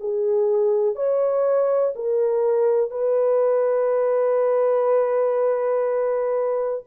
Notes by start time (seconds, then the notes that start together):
0.00 G#4
0.96 C#5
1.96 A#4
2.91 B4